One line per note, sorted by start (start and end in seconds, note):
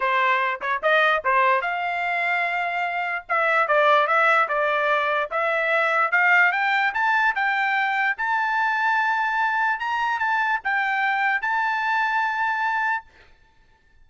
0.00 0.60 C5
0.61 0.81 C#5
0.82 1.23 D#5
1.24 1.61 C5
1.61 3.25 F5
3.28 3.67 E5
3.67 4.07 D5
4.07 4.48 E5
4.48 5.29 D5
5.30 6.11 E5
6.11 6.52 F5
6.52 6.93 G5
6.94 7.35 A5
7.35 8.16 G5
8.17 9.79 A5
9.79 10.19 A#5
10.19 10.60 A5
10.63 11.41 G5
11.41 13.04 A5